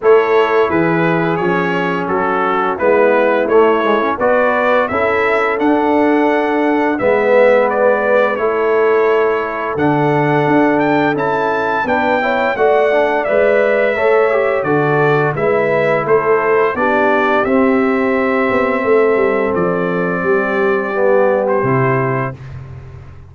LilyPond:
<<
  \new Staff \with { instrumentName = "trumpet" } { \time 4/4 \tempo 4 = 86 cis''4 b'4 cis''4 a'4 | b'4 cis''4 d''4 e''4 | fis''2 e''4 d''4 | cis''2 fis''4. g''8 |
a''4 g''4 fis''4 e''4~ | e''4 d''4 e''4 c''4 | d''4 e''2. | d''2~ d''8. c''4~ c''16 | }
  \new Staff \with { instrumentName = "horn" } { \time 4/4 a'4 gis'2 fis'4 | e'2 b'4 a'4~ | a'2 b'2 | a'1~ |
a'4 b'8 cis''8 d''2 | cis''4 a'4 b'4 a'4 | g'2. a'4~ | a'4 g'2. | }
  \new Staff \with { instrumentName = "trombone" } { \time 4/4 e'2 cis'2 | b4 a8 gis16 cis'16 fis'4 e'4 | d'2 b2 | e'2 d'2 |
e'4 d'8 e'8 fis'8 d'8 b'4 | a'8 g'8 fis'4 e'2 | d'4 c'2.~ | c'2 b4 e'4 | }
  \new Staff \with { instrumentName = "tuba" } { \time 4/4 a4 e4 f4 fis4 | gis4 a4 b4 cis'4 | d'2 gis2 | a2 d4 d'4 |
cis'4 b4 a4 gis4 | a4 d4 gis4 a4 | b4 c'4. b8 a8 g8 | f4 g2 c4 | }
>>